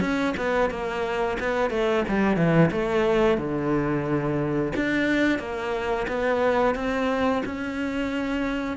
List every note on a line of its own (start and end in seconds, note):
0.00 0.34 C#4
0.37 0.70 B3
0.70 1.37 A#3
1.39 1.70 B3
1.70 2.04 A3
2.08 2.36 G3
2.36 2.70 E3
2.71 3.37 A3
3.37 4.72 D3
4.76 5.39 D4
5.39 6.06 A#3
6.07 6.75 B3
6.75 7.42 C4
7.45 8.77 C#4